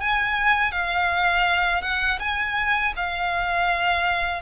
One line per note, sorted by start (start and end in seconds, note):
0.00 0.72 G#5
0.72 1.82 F5
1.82 2.19 F#5
2.19 2.93 G#5
2.96 4.41 F5